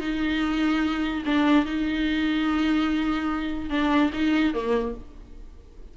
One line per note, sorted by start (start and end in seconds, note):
0.00 1.23 D#4
1.25 1.65 D4
1.65 3.69 D#4
3.69 4.11 D4
4.13 4.53 D#4
4.53 4.94 A#3